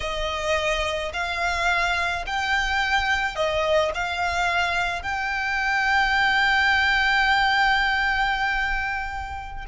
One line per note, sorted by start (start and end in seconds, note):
0.00 1.12 D#5
1.13 2.25 F5
2.26 3.35 G5
3.35 3.91 D#5
3.94 5.02 F5
5.02 9.64 G5